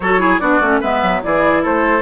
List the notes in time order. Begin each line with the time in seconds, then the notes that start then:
0.00 F#3 F#4 A4 C#5
0.19 E4 G#4
0.39 B3 D4 F#4 D5
0.60 A3 C#4
0.80 G#3 B3 B4 E5
1.02 F#3
1.23 E3 E4 G#4 D5
1.62 A3 A4 C5